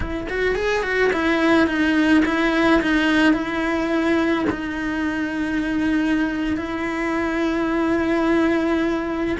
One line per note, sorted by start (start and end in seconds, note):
0.00 0.27 E4
0.29 0.55 F#4
0.55 0.83 G#4
0.83 1.11 F#4
1.12 1.67 E4
1.67 2.23 D#4
2.25 2.81 E4
2.81 3.33 D#4
3.33 4.45 E4
4.50 6.57 D#4
6.57 9.37 E4